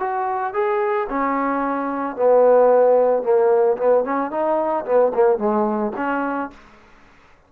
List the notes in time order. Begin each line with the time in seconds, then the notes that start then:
0.00 F#4
0.54 G#4
1.10 C#4
2.17 B3
3.23 A#3
3.78 B3
4.05 C#4
4.31 D#4
4.86 B3
5.15 A#3
5.39 G#3
5.97 C#4